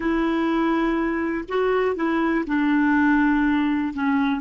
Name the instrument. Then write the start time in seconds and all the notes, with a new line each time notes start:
clarinet
0.00 E4
1.48 F#4
1.95 E4
2.47 D4
3.93 C#4